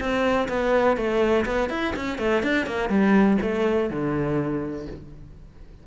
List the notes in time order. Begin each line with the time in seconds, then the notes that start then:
0.00 C4
0.49 B3
0.97 A3
1.46 B3
1.70 E4
1.96 C#4
2.19 A3
2.43 D4
2.66 A#3
2.89 G3
3.42 A3
3.90 D3